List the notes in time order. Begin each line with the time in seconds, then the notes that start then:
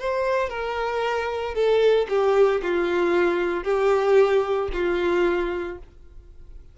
0.00 C5
0.50 A#4
1.55 A4
2.09 G4
2.63 F4
3.64 G4
4.73 F4